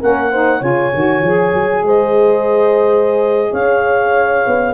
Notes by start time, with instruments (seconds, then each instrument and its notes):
0.00 tuba A#3, saxophone C#4, horn A#4, clarinet F#5
0.31 saxophone D#4, horn C5
0.58 tuba C#3, saxophone F4, horn C#5, clarinet G#5
0.94 tuba D#3, saxophone F#4
1.22 tuba F3, saxophone G#4
1.54 tuba F#3
1.82 tuba G#3, horn C5, clarinet D#5
3.52 tuba C#4, horn C#5, clarinet F5
4.46 tuba B3